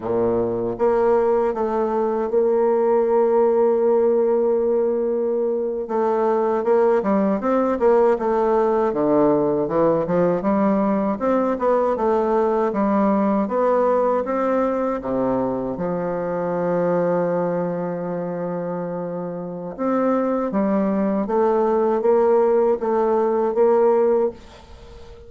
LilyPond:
\new Staff \with { instrumentName = "bassoon" } { \time 4/4 \tempo 4 = 79 ais,4 ais4 a4 ais4~ | ais2.~ ais8. a16~ | a8. ais8 g8 c'8 ais8 a4 d16~ | d8. e8 f8 g4 c'8 b8 a16~ |
a8. g4 b4 c'4 c16~ | c8. f2.~ f16~ | f2 c'4 g4 | a4 ais4 a4 ais4 | }